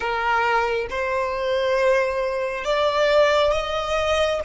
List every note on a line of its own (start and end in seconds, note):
0.00 0.87 A#4
0.90 2.64 C5
2.64 3.52 D5
3.52 4.40 D#5